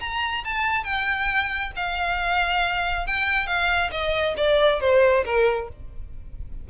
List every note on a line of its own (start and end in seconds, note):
0.00 0.44 A#5
0.44 0.84 A5
0.84 1.71 G5
1.76 3.07 F5
3.07 3.47 G5
3.47 3.90 F5
3.91 4.35 D#5
4.37 4.80 D5
4.80 5.24 C5
5.25 5.68 A#4